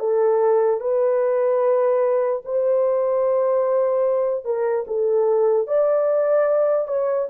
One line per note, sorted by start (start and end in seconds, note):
0.00 0.81 A4
0.81 2.43 B4
2.45 4.45 C5
4.45 4.86 A#4
4.88 5.68 A4
5.68 6.88 D5
6.88 7.29 C#5